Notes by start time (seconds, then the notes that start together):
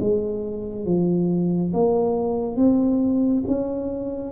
0.00 G#3
0.86 F3
1.74 A#3
2.57 C4
3.47 C#4